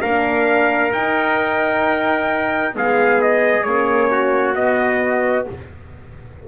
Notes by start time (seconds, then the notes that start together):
0.00 A#3 D4 A#4 F5
0.93 D#4 G5
2.73 G#3 B3 G#4 F5
3.21 D#5
3.63 A#3 C#4 C#5
4.11 F#4
4.55 B3 D#5